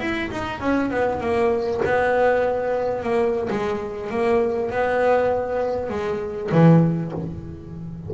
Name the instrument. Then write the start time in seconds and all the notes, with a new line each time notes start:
double bass
0.00 E4
0.31 D#4
0.60 C#4
0.90 B3
1.20 A#3
1.85 B3
3.03 A#3
3.50 G#3
4.10 A#3
4.70 B3
5.89 G#3
6.51 E3